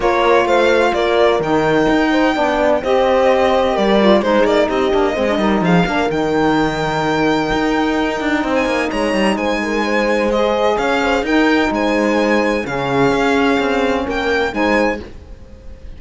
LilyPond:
<<
  \new Staff \with { instrumentName = "violin" } { \time 4/4 \tempo 4 = 128 cis''4 f''4 d''4 g''4~ | g''2 dis''2 | d''4 c''8 d''8 dis''2 | f''4 g''2.~ |
g''2~ g''16 gis''8. ais''4 | gis''2 dis''4 f''4 | g''4 gis''2 f''4~ | f''2 g''4 gis''4 | }
  \new Staff \with { instrumentName = "horn" } { \time 4/4 ais'4 c''4 ais'2~ | ais'8 c''8 d''4 c''2 | ais'4 gis'4 g'4 c''8 ais'8 | gis'8 ais'2.~ ais'8~ |
ais'2 c''4 cis''4 | c''8 ais'8 c''2 cis''8 c''8 | ais'4 c''2 gis'4~ | gis'2 ais'4 c''4 | }
  \new Staff \with { instrumentName = "saxophone" } { \time 4/4 f'2. dis'4~ | dis'4 d'4 g'2~ | g'8 f'8 dis'4. d'8 c'16 d'16 dis'8~ | dis'8 d'8 dis'2.~ |
dis'1~ | dis'2 gis'2 | dis'2. cis'4~ | cis'2. dis'4 | }
  \new Staff \with { instrumentName = "cello" } { \time 4/4 ais4 a4 ais4 dis4 | dis'4 b4 c'2 | g4 gis8 ais8 c'8 ais8 gis8 g8 | f8 ais8 dis2. |
dis'4. d'8 c'8 ais8 gis8 g8 | gis2. cis'4 | dis'4 gis2 cis4 | cis'4 c'4 ais4 gis4 | }
>>